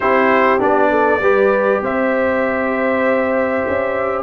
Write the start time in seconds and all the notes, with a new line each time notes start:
0.00 C4 E4 G4 C5
0.59 B3 D4 D5
0.90 A4
1.20 G3 G4 B4
1.81 C4 C5 E5
3.67 C#4